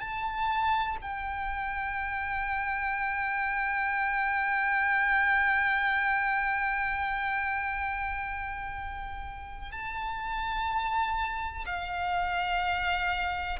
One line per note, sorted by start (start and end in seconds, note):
0.00 0.97 A5
1.01 9.71 G5
9.71 11.64 A5
11.66 13.59 F5